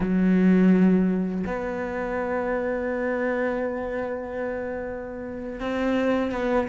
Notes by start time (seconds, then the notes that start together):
0.00 F#3
1.46 B3
5.60 C4
6.31 B3